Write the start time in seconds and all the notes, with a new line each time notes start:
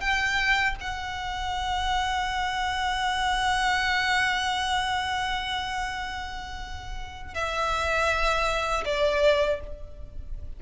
0.00 G5
0.80 F#5
7.34 E5
8.85 D5